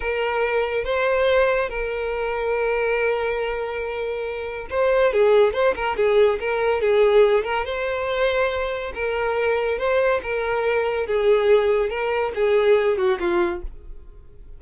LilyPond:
\new Staff \with { instrumentName = "violin" } { \time 4/4 \tempo 4 = 141 ais'2 c''2 | ais'1~ | ais'2. c''4 | gis'4 c''8 ais'8 gis'4 ais'4 |
gis'4. ais'8 c''2~ | c''4 ais'2 c''4 | ais'2 gis'2 | ais'4 gis'4. fis'8 f'4 | }